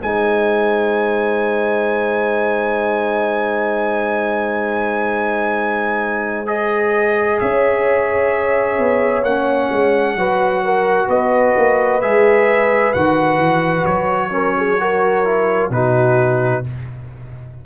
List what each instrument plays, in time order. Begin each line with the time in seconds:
0.00 tuba G#3, trombone D#4, horn C5, trumpet G#5
6.46 trombone G#4, trumpet D#5
7.40 tuba C#4, horn C#5, trumpet E5
8.78 tuba B3
9.23 tuba A#3, trombone C#4, trumpet F#5
9.71 tuba G#3
10.15 tuba F#3, trombone F#4, horn B4
10.64 horn A#4
11.07 tuba B3, horn B4, trumpet D#5
11.56 tuba A#3
12.01 tuba G#3, trombone G#4, trumpet E5
12.93 tuba D#3, trombone F#4, trumpet F#5
13.37 tuba E3
13.85 tuba F#3, trumpet C#5
14.30 trombone C#4, horn A#4
14.57 horn G#4
14.79 trombone F#4, horn A#4
15.24 trombone E4
15.69 tuba B2, trombone D#4, horn F#4, trumpet B4